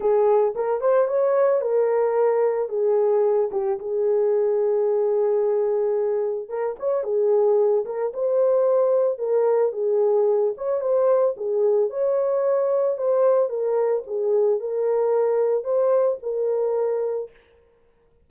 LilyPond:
\new Staff \with { instrumentName = "horn" } { \time 4/4 \tempo 4 = 111 gis'4 ais'8 c''8 cis''4 ais'4~ | ais'4 gis'4. g'8 gis'4~ | gis'1 | ais'8 cis''8 gis'4. ais'8 c''4~ |
c''4 ais'4 gis'4. cis''8 | c''4 gis'4 cis''2 | c''4 ais'4 gis'4 ais'4~ | ais'4 c''4 ais'2 | }